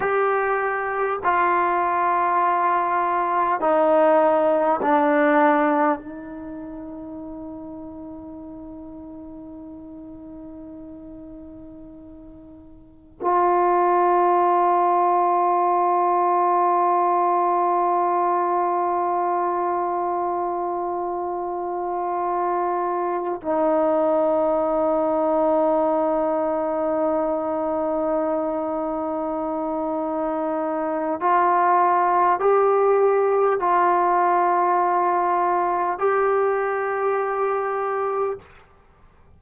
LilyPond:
\new Staff \with { instrumentName = "trombone" } { \time 4/4 \tempo 4 = 50 g'4 f'2 dis'4 | d'4 dis'2.~ | dis'2. f'4~ | f'1~ |
f'2.~ f'8 dis'8~ | dis'1~ | dis'2 f'4 g'4 | f'2 g'2 | }